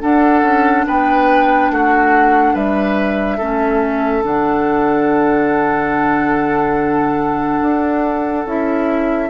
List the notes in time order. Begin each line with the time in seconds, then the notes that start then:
0.00 D4 A4 F#5
0.42 C#4
0.87 B3 B4 G5
1.70 A3 F#4 F#5
2.54 G3 B4 E5
3.37 A3 C#4 A4
4.22 D3 D4 F#5
7.61 D4
8.45 C#4 E4 E5